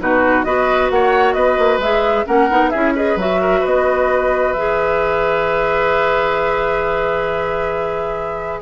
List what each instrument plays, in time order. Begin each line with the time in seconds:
0.00 bassoon B2, clarinet D#4, oboe F#4, flute B4
0.44 bassoon B3, clarinet F#4, oboe B4, flute D#5
0.90 bassoon A#3, oboe C#5, flute F#5
1.33 bassoon B3, oboe B4, flute D#5
1.58 bassoon A#3
1.78 bassoon G#3, clarinet G#4, flute E5
2.26 bassoon A#3, clarinet C#4, oboe A#4, flute F#5
2.49 bassoon B3, clarinet D#4
2.69 bassoon C#4, clarinet E4, oboe G#4, flute E5
2.95 clarinet G#4, oboe B4, flute D#5
3.16 bassoon F#3, clarinet F#4, flute E5
3.40 oboe A#4
3.60 bassoon B3, oboe B4, flute D#5
4.53 bassoon E3, clarinet G#4, flute E5